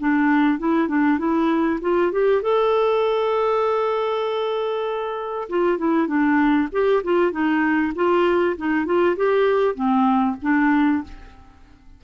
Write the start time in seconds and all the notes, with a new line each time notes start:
0.00 D4
0.59 E4
0.88 D4
1.19 E4
1.82 F4
2.12 G4
2.43 A4
5.50 F4
5.79 E4
6.08 D4
6.73 G4
7.04 F4
7.32 D#4
7.96 F4
8.58 D#4
8.86 F4
9.17 G4
9.75 C4
10.43 D4